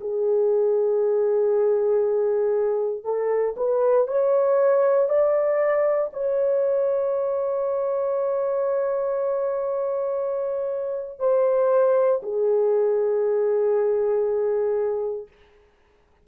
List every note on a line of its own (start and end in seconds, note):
0.00 3.04 G#4
3.04 3.55 A4
3.56 4.07 B4
4.07 5.08 C#5
5.08 6.10 D5
6.13 11.19 C#5
11.19 12.21 C5
12.22 15.27 G#4